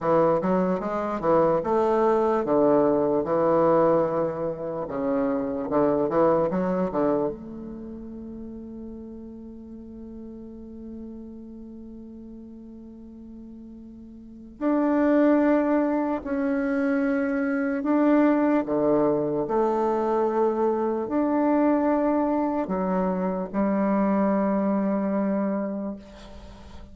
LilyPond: \new Staff \with { instrumentName = "bassoon" } { \time 4/4 \tempo 4 = 74 e8 fis8 gis8 e8 a4 d4 | e2 cis4 d8 e8 | fis8 d8 a2.~ | a1~ |
a2 d'2 | cis'2 d'4 d4 | a2 d'2 | fis4 g2. | }